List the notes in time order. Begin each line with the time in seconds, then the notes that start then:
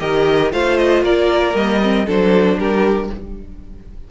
0.00 D#3 G4 A#4 D#5
0.51 A3 F4 C5 F5
0.77 D#5
1.03 A#3 A#4 D5
1.54 G3 A#3 D#5
1.83 C4
2.06 F#3 D4 A4 C5
2.58 G3 G4 A#4